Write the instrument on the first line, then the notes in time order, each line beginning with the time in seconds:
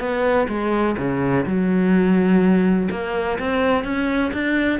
cello
0.00 B3
0.48 G#3
0.98 C#3
1.46 F#3
2.91 A#3
3.39 C4
3.84 C#4
4.34 D4